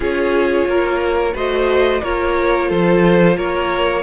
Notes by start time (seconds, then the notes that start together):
0.00 C#4 F4 G#4 C#5
0.66 A#3 A#4
1.34 A3 F#4 C5 D#5
2.01 A#3 F4 A#4 C#5
2.69 F3 A4 C5
3.37 A#3 A#4 C#5